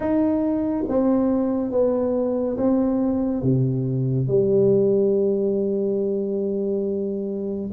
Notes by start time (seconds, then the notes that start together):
0.00 D#4
0.88 C4
1.71 B3
2.57 C4
3.42 C3
4.27 G3